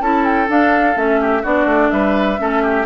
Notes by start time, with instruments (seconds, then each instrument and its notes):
0.00 bassoon C#4, clarinet E4, oboe A4, flute A5
0.25 flute G5
0.48 clarinet D4, bassoon D4, flute F5
0.95 bassoon A3, clarinet C#4, flute E5
1.21 oboe G4
1.43 bassoon B3, clarinet D4, oboe F#4, flute D5
1.66 bassoon A3
1.91 bassoon G3, oboe B4, flute E5
2.38 bassoon A3, clarinet C#4, oboe A4
2.63 oboe G4